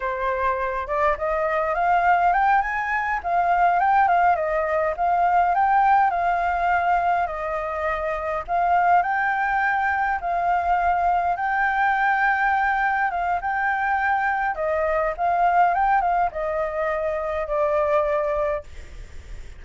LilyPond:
\new Staff \with { instrumentName = "flute" } { \time 4/4 \tempo 4 = 103 c''4. d''8 dis''4 f''4 | g''8 gis''4 f''4 g''8 f''8 dis''8~ | dis''8 f''4 g''4 f''4.~ | f''8 dis''2 f''4 g''8~ |
g''4. f''2 g''8~ | g''2~ g''8 f''8 g''4~ | g''4 dis''4 f''4 g''8 f''8 | dis''2 d''2 | }